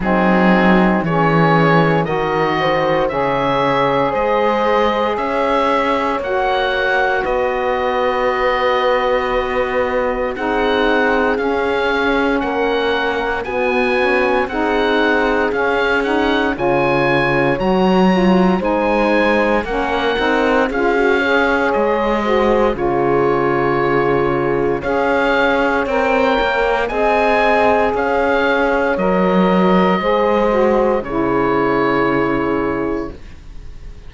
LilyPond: <<
  \new Staff \with { instrumentName = "oboe" } { \time 4/4 \tempo 4 = 58 gis'4 cis''4 dis''4 e''4 | dis''4 e''4 fis''4 dis''4~ | dis''2 fis''4 f''4 | fis''4 gis''4 fis''4 f''8 fis''8 |
gis''4 ais''4 gis''4 fis''4 | f''4 dis''4 cis''2 | f''4 g''4 gis''4 f''4 | dis''2 cis''2 | }
  \new Staff \with { instrumentName = "horn" } { \time 4/4 dis'4 gis'4 ais'8 c''8 cis''4 | c''4 cis''2 b'4~ | b'2 gis'2 | ais'4 fis'4 gis'2 |
cis''2 c''4 ais'4 | gis'8 cis''4 c''8 gis'2 | cis''2 dis''4 cis''4~ | cis''4 c''4 gis'2 | }
  \new Staff \with { instrumentName = "saxophone" } { \time 4/4 c'4 cis'4 fis'4 gis'4~ | gis'2 fis'2~ | fis'2 dis'4 cis'4~ | cis'4 b8 cis'8 dis'4 cis'8 dis'8 |
f'4 fis'8 f'8 dis'4 cis'8 dis'8 | f'16 fis'16 gis'4 fis'8 f'2 | gis'4 ais'4 gis'2 | ais'4 gis'8 fis'8 e'2 | }
  \new Staff \with { instrumentName = "cello" } { \time 4/4 fis4 e4 dis4 cis4 | gis4 cis'4 ais4 b4~ | b2 c'4 cis'4 | ais4 b4 c'4 cis'4 |
cis4 fis4 gis4 ais8 c'8 | cis'4 gis4 cis2 | cis'4 c'8 ais8 c'4 cis'4 | fis4 gis4 cis2 | }
>>